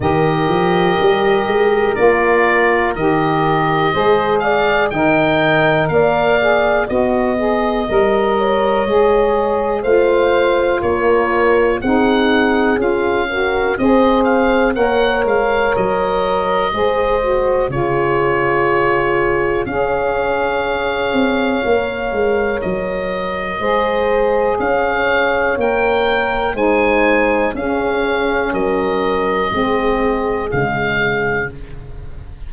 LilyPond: <<
  \new Staff \with { instrumentName = "oboe" } { \time 4/4 \tempo 4 = 61 dis''2 d''4 dis''4~ | dis''8 f''8 g''4 f''4 dis''4~ | dis''2 f''4 cis''4 | fis''4 f''4 dis''8 f''8 fis''8 f''8 |
dis''2 cis''2 | f''2. dis''4~ | dis''4 f''4 g''4 gis''4 | f''4 dis''2 f''4 | }
  \new Staff \with { instrumentName = "horn" } { \time 4/4 ais'1 | c''8 d''8 dis''4 d''4 dis''4~ | dis''8 cis''4. c''4 ais'4 | gis'4. ais'8 c''4 cis''4~ |
cis''4 c''4 gis'2 | cis''1 | c''4 cis''2 c''4 | gis'4 ais'4 gis'2 | }
  \new Staff \with { instrumentName = "saxophone" } { \time 4/4 g'2 f'4 g'4 | gis'4 ais'4. gis'8 fis'8 gis'8 | ais'4 gis'4 f'2 | dis'4 f'8 fis'8 gis'4 ais'4~ |
ais'4 gis'8 fis'8 f'2 | gis'2 ais'2 | gis'2 ais'4 dis'4 | cis'2 c'4 gis4 | }
  \new Staff \with { instrumentName = "tuba" } { \time 4/4 dis8 f8 g8 gis8 ais4 dis4 | gis4 dis4 ais4 b4 | g4 gis4 a4 ais4 | c'4 cis'4 c'4 ais8 gis8 |
fis4 gis4 cis2 | cis'4. c'8 ais8 gis8 fis4 | gis4 cis'4 ais4 gis4 | cis'4 fis4 gis4 cis4 | }
>>